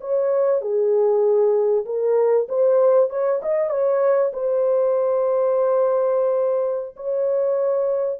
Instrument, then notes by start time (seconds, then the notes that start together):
horn
0.00 C#5
0.61 G#4
1.85 A#4
2.48 C5
3.09 C#5
3.42 D#5
3.70 C#5
4.33 C5
6.96 C#5